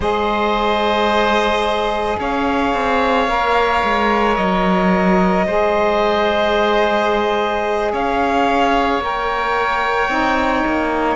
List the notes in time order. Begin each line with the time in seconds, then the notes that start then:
0.00 G#3 G#4 C5 D#5
2.19 C#4 C#5 F5
2.74 C4
3.28 A#3 A#4
3.83 G#3
4.36 F#3 D#5
5.46 G#3 G#4 C5
7.92 C#4 C#5 F5
8.99 A#3 A#4 G5
10.08 C4 D#4
10.66 A#3